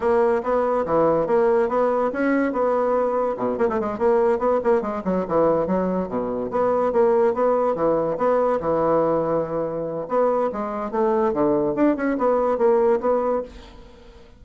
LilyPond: \new Staff \with { instrumentName = "bassoon" } { \time 4/4 \tempo 4 = 143 ais4 b4 e4 ais4 | b4 cis'4 b2 | b,8 ais16 a16 gis8 ais4 b8 ais8 gis8 | fis8 e4 fis4 b,4 b8~ |
b8 ais4 b4 e4 b8~ | b8 e2.~ e8 | b4 gis4 a4 d4 | d'8 cis'8 b4 ais4 b4 | }